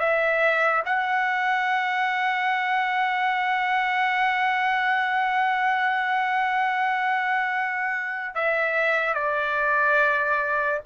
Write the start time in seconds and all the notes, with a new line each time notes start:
0.00 E5
0.86 F#5
8.35 E5
9.14 D5